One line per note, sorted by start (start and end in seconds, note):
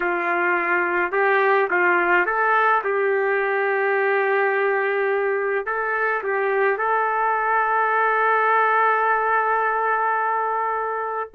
0.00 1.12 F4
1.12 1.68 G4
1.70 2.25 F4
2.25 2.82 A4
2.84 5.66 G4
5.66 6.22 A4
6.23 6.77 G4
6.77 11.30 A4